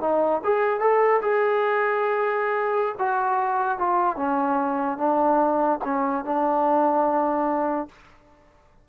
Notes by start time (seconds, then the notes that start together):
0.00 D#4
0.44 G#4
0.80 A4
1.21 G#4
2.99 F#4
3.78 F4
4.16 C#4
4.97 D4
5.84 C#4
6.24 D4